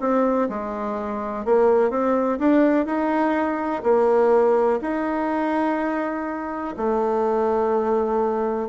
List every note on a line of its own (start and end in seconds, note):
0.00 0.48 C4
0.49 1.45 G#3
1.45 1.90 A#3
1.90 2.39 C4
2.39 2.85 D4
2.85 3.82 D#4
3.83 4.79 A#3
4.81 6.75 D#4
6.77 8.69 A3